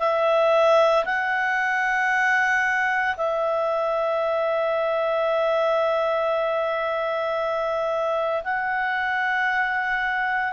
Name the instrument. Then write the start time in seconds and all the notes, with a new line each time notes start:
clarinet
0.00 E5
1.05 F#5
3.17 E5
8.44 F#5